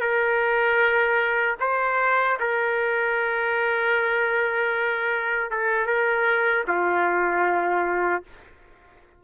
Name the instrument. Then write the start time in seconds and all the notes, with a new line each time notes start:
trumpet
0.00 A#4
1.60 C5
2.39 A#4
5.51 A4
5.86 A#4
6.67 F4